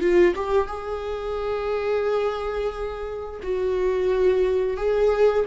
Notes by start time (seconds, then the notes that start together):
0.00 F4
0.35 G4
0.67 G#4
3.42 F#4
4.76 G#4